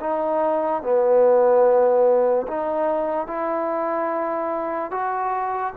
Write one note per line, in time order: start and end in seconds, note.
0.00 0.82 D#4
0.82 2.46 B3
2.47 3.27 D#4
3.27 4.91 E4
4.91 5.73 F#4